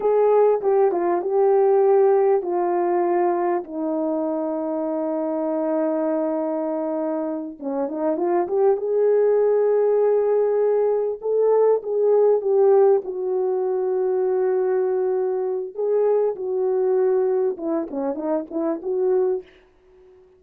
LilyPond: \new Staff \with { instrumentName = "horn" } { \time 4/4 \tempo 4 = 99 gis'4 g'8 f'8 g'2 | f'2 dis'2~ | dis'1~ | dis'8 cis'8 dis'8 f'8 g'8 gis'4.~ |
gis'2~ gis'8 a'4 gis'8~ | gis'8 g'4 fis'2~ fis'8~ | fis'2 gis'4 fis'4~ | fis'4 e'8 cis'8 dis'8 e'8 fis'4 | }